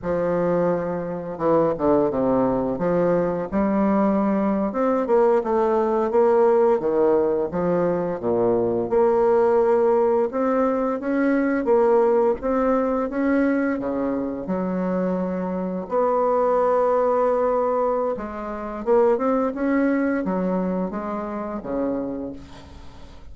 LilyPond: \new Staff \with { instrumentName = "bassoon" } { \time 4/4 \tempo 4 = 86 f2 e8 d8 c4 | f4 g4.~ g16 c'8 ais8 a16~ | a8. ais4 dis4 f4 ais,16~ | ais,8. ais2 c'4 cis'16~ |
cis'8. ais4 c'4 cis'4 cis16~ | cis8. fis2 b4~ b16~ | b2 gis4 ais8 c'8 | cis'4 fis4 gis4 cis4 | }